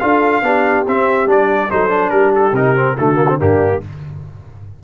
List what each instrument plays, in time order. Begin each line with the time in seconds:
0.00 tuba D4, trombone F4, horn A4, trumpet F5
0.42 tuba B3, trombone D4, horn G4
0.87 tuba C4, trombone C4, trumpet E5
1.26 tuba G3, trombone D4, trumpet D5
1.70 tuba F#3, trombone D#4, horn A4, trumpet C5
1.89 trombone D4
2.10 tuba G3, horn G4, trumpet A#4
2.35 trumpet A4
2.52 tuba C3, trombone D#4, trumpet A#4
2.76 trombone C4
2.98 tuba D3, trombone A3, horn F#4, trumpet A4
3.15 trombone A#3
3.29 trombone C4
3.39 tuba G2, trombone A#3, horn D4, trumpet G4